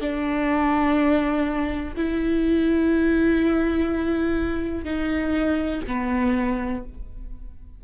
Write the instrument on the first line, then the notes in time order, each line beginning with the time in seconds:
viola
0.00 D4
1.96 E4
4.84 D#4
5.87 B3